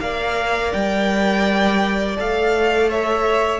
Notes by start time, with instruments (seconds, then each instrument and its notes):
0.00 cello A#3, viola A#4, violin D5 F5
0.72 cello G3, violin G5
2.17 cello A3, viola A4, violin F5
2.89 violin C#5 E5